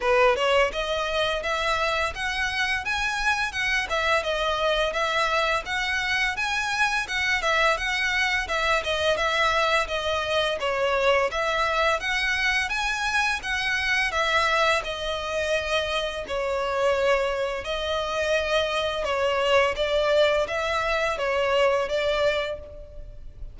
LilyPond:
\new Staff \with { instrumentName = "violin" } { \time 4/4 \tempo 4 = 85 b'8 cis''8 dis''4 e''4 fis''4 | gis''4 fis''8 e''8 dis''4 e''4 | fis''4 gis''4 fis''8 e''8 fis''4 | e''8 dis''8 e''4 dis''4 cis''4 |
e''4 fis''4 gis''4 fis''4 | e''4 dis''2 cis''4~ | cis''4 dis''2 cis''4 | d''4 e''4 cis''4 d''4 | }